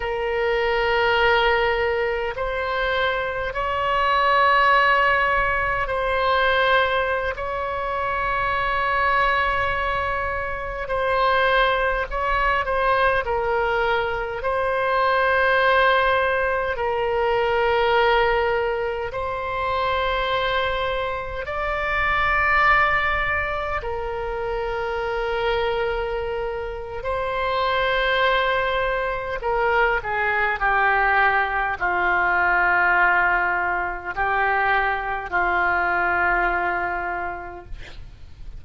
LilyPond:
\new Staff \with { instrumentName = "oboe" } { \time 4/4 \tempo 4 = 51 ais'2 c''4 cis''4~ | cis''4 c''4~ c''16 cis''4.~ cis''16~ | cis''4~ cis''16 c''4 cis''8 c''8 ais'8.~ | ais'16 c''2 ais'4.~ ais'16~ |
ais'16 c''2 d''4.~ d''16~ | d''16 ais'2~ ais'8. c''4~ | c''4 ais'8 gis'8 g'4 f'4~ | f'4 g'4 f'2 | }